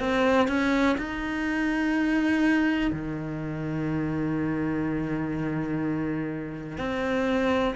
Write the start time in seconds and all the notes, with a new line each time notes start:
0.00 C4
0.48 C#4
0.98 D#4
2.93 D#3
6.78 C4